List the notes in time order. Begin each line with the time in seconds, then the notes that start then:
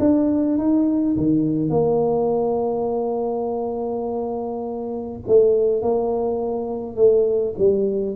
0.00 D4
0.58 D#4
1.17 D#3
1.70 A#3
5.27 A3
5.82 A#3
6.96 A3
7.58 G3